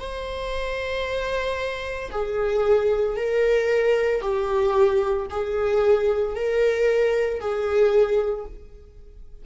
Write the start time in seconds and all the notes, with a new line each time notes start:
0.00 C5
2.11 G#4
3.16 A#4
4.21 G4
5.30 G#4
6.35 A#4
7.40 G#4